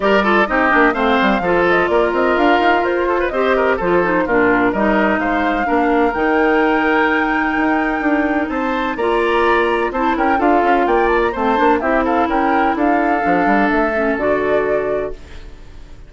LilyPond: <<
  \new Staff \with { instrumentName = "flute" } { \time 4/4 \tempo 4 = 127 d''4 dis''4 f''4. dis''8 | d''8 dis''8 f''4 c''4 dis''4 | c''4 ais'4 dis''4 f''4~ | f''4 g''2.~ |
g''2 a''4 ais''4~ | ais''4 a''8 g''8 f''4 g''8 a''16 ais''16 | a''4 e''8 f''8 g''4 f''4~ | f''4 e''4 d''2 | }
  \new Staff \with { instrumentName = "oboe" } { \time 4/4 ais'8 a'8 g'4 c''4 a'4 | ais'2~ ais'8 a'16 b'16 c''8 ais'8 | a'4 f'4 ais'4 c''4 | ais'1~ |
ais'2 c''4 d''4~ | d''4 c''8 ais'8 a'4 d''4 | c''4 g'8 a'8 ais'4 a'4~ | a'1 | }
  \new Staff \with { instrumentName = "clarinet" } { \time 4/4 g'8 f'8 dis'8 d'8 c'4 f'4~ | f'2. g'4 | f'8 dis'8 d'4 dis'2 | d'4 dis'2.~ |
dis'2. f'4~ | f'4 e'4 f'2 | c'8 d'8 e'2. | d'4. cis'8 fis'2 | }
  \new Staff \with { instrumentName = "bassoon" } { \time 4/4 g4 c'8 ais8 a8 g8 f4 | ais8 c'8 d'8 dis'8 f'4 c'4 | f4 ais,4 g4 gis4 | ais4 dis2. |
dis'4 d'4 c'4 ais4~ | ais4 c'8 cis'8 d'8 cis'8 ais4 | a8 ais8 c'4 cis'4 d'4 | f8 g8 a4 d2 | }
>>